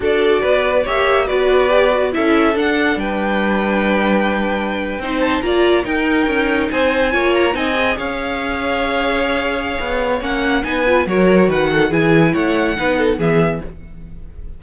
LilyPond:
<<
  \new Staff \with { instrumentName = "violin" } { \time 4/4 \tempo 4 = 141 d''2 e''4 d''4~ | d''4 e''4 fis''4 g''4~ | g''1~ | g''16 a''8 ais''4 g''2 gis''16~ |
gis''4~ gis''16 ais''8 gis''4 f''4~ f''16~ | f''1 | fis''4 gis''4 cis''4 fis''4 | gis''4 fis''2 e''4 | }
  \new Staff \with { instrumentName = "violin" } { \time 4/4 a'4 b'4 cis''4 b'4~ | b'4 a'2 b'4~ | b'2.~ b'8. c''16~ | c''8. d''4 ais'2 c''16~ |
c''8. cis''4 dis''4 cis''4~ cis''16~ | cis''1~ | cis''4 b'4 ais'4 b'8 a'8 | gis'4 cis''4 b'8 a'8 gis'4 | }
  \new Staff \with { instrumentName = "viola" } { \time 4/4 fis'2 g'4 fis'4 | g'8 fis'8 e'4 d'2~ | d'2.~ d'8. dis'16~ | dis'8. f'4 dis'2~ dis'16~ |
dis'8. f'4 dis'8 gis'4.~ gis'16~ | gis'1 | cis'4 dis'8 f'8 fis'2 | e'2 dis'4 b4 | }
  \new Staff \with { instrumentName = "cello" } { \time 4/4 d'4 b4 ais4 b4~ | b4 cis'4 d'4 g4~ | g2.~ g8. c'16~ | c'8. ais4 dis'4 cis'4 c'16~ |
c'8. ais4 c'4 cis'4~ cis'16~ | cis'2. b4 | ais4 b4 fis4 dis4 | e4 a4 b4 e4 | }
>>